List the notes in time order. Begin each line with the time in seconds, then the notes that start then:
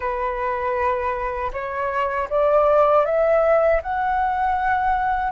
0.00 B4
1.52 C#5
2.29 D5
3.05 E5
3.82 F#5